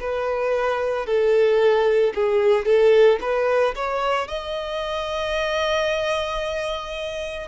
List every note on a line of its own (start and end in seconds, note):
0.00 1.06 B4
1.06 2.13 A4
2.14 2.65 G#4
2.65 3.19 A4
3.21 3.75 B4
3.75 4.28 C#5
4.28 7.48 D#5